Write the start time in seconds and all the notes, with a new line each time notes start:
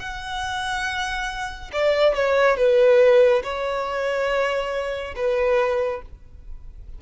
0.00 F#5
1.73 D5
2.15 C#5
2.58 B4
3.44 C#5
5.17 B4